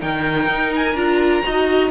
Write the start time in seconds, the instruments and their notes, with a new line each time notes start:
0.00 cello D#3, viola D#4, violin A#4 G5
0.47 cello D#4
0.75 violin G#5
0.94 cello D4, viola F4, violin A#5
1.43 cello D#4, viola F#4, violin D#5